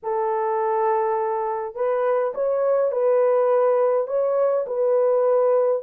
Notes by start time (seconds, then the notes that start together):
0.02 A4
1.75 B4
2.34 C#5
2.91 B4
4.07 C#5
4.67 B4